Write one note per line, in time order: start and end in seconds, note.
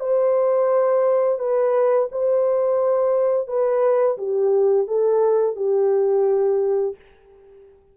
0.00 1.39 C5
1.39 2.08 B4
2.12 3.47 C5
3.47 4.17 B4
4.17 4.87 G4
4.87 5.56 A4
5.56 6.95 G4